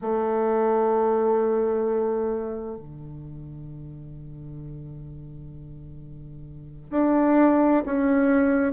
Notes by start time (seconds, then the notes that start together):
0.01 A3
2.77 D3
6.91 D4
7.85 C#4